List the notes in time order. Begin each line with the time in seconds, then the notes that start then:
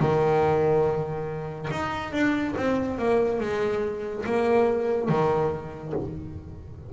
0.00 D#3
1.71 D#4
2.13 D4
2.57 C4
2.99 A#3
3.41 G#3
4.26 A#3
5.09 D#3